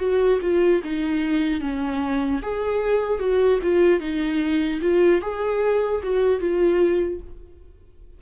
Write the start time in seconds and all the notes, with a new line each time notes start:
0.00 F#4
0.42 F4
0.84 D#4
1.61 C#4
2.43 G#4
3.20 F#4
3.63 F4
4.01 D#4
4.82 F4
5.22 G#4
6.04 F#4
6.40 F4